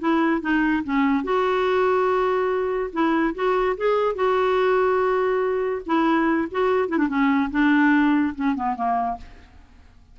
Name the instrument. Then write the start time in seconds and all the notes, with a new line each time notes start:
clarinet
0.00 E4
0.42 D#4
0.84 C#4
1.24 F#4
2.93 E4
3.35 F#4
3.77 G#4
4.16 F#4
5.87 E4
6.52 F#4
6.89 E4
6.98 D4
7.09 C#4
7.52 D4
8.36 C#4
8.56 B3
8.76 A#3